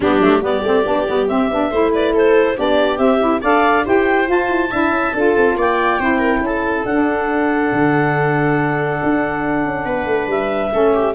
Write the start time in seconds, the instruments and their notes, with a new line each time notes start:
0.00 tuba G3, saxophone B3, viola D4, clarinet G4
0.19 tuba F#3, saxophone A3
0.40 tuba G3, saxophone B3, viola G4, clarinet D5
0.62 tuba A3, saxophone C4
0.85 tuba B3, saxophone D4
1.07 tuba G3, saxophone B3
1.28 tuba C4, saxophone C4, clarinet E5
1.50 tuba B3, saxophone D4
1.70 tuba A3, saxophone E4, viola C5
1.93 viola B4, clarinet D5
2.13 viola A4, clarinet C5
2.56 tuba B3, saxophone D4, viola G4, clarinet D5
2.98 saxophone C4, tuba C4, clarinet E5
3.20 saxophone E4
3.41 tuba D4, saxophone A4, viola D5, clarinet F5
3.85 tuba E4, saxophone G4, viola C5, clarinet G5
4.25 saxophone F4, tuba F4, clarinet A5
4.48 tuba E4
4.71 tuba D4, saxophone E4, viola E5
4.90 tuba C#4
5.13 tuba D4, saxophone F4, viola A4
5.37 tuba C4
5.56 tuba A#3, viola D5, clarinet G5
5.99 tuba C4, saxophone E4, viola C5
6.18 viola A#4
6.40 tuba C#4, viola A4, clarinet A5
6.85 tuba D4, saxophone D4, clarinet F#5
7.72 tuba D3
9.03 tuba D4
9.65 tuba C#4
9.85 tuba B3, viola B4
10.05 tuba A3
10.27 tuba G3, clarinet E5
10.71 tuba A3, saxophone C#4, viola A4
10.93 viola G4